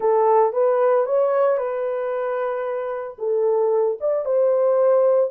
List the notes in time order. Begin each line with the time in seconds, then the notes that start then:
0.00 A4
0.52 B4
1.06 C#5
1.57 B4
3.18 A4
4.00 D5
4.25 C5